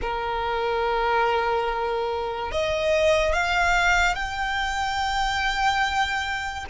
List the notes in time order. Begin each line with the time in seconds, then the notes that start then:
0.01 A#4
2.51 D#5
3.33 F5
4.15 G5